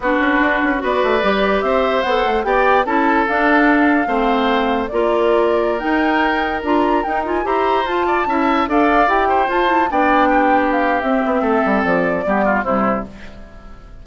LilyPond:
<<
  \new Staff \with { instrumentName = "flute" } { \time 4/4 \tempo 4 = 147 b'2 d''2 | e''4 fis''4 g''4 a''4 | f''1 | d''2~ d''16 g''4.~ g''16~ |
g''16 ais''4 g''8 gis''8 ais''4 a''8.~ | a''4~ a''16 f''4 g''4 a''8.~ | a''16 g''2 f''8. e''4~ | e''4 d''2 c''4 | }
  \new Staff \with { instrumentName = "oboe" } { \time 4/4 fis'2 b'2 | c''2 d''4 a'4~ | a'2 c''2 | ais'1~ |
ais'2~ ais'16 c''4. d''16~ | d''16 e''4 d''4. c''4~ c''16~ | c''16 d''4 g'2~ g'8. | a'2 g'8 f'8 e'4 | }
  \new Staff \with { instrumentName = "clarinet" } { \time 4/4 d'2 fis'4 g'4~ | g'4 a'4 g'4 e'4 | d'2 c'2 | f'2~ f'16 dis'4.~ dis'16~ |
dis'16 f'4 dis'8 f'8 g'4 f'8.~ | f'16 e'4 a'4 g'4 f'8 e'16~ | e'16 d'2~ d'8. c'4~ | c'2 b4 g4 | }
  \new Staff \with { instrumentName = "bassoon" } { \time 4/4 b8 cis'8 d'8 cis'8 b8 a8 g4 | c'4 b8 a8 b4 cis'4 | d'2 a2 | ais2~ ais16 dis'4.~ dis'16~ |
dis'16 d'4 dis'4 e'4 f'8.~ | f'16 cis'4 d'4 e'4 f'8.~ | f'16 b2~ b8. c'8 b8 | a8 g8 f4 g4 c4 | }
>>